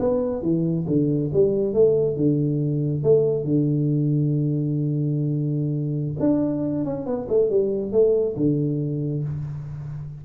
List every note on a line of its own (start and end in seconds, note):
0.00 0.42 B3
0.42 0.86 E3
0.88 1.31 D3
1.34 1.74 G3
1.74 2.17 A3
2.17 3.03 D3
3.03 3.44 A3
3.44 6.16 D3
6.20 6.85 D4
6.85 7.06 C#4
7.06 7.28 B3
7.29 7.50 A3
7.50 7.92 G3
7.92 8.36 A3
8.37 9.24 D3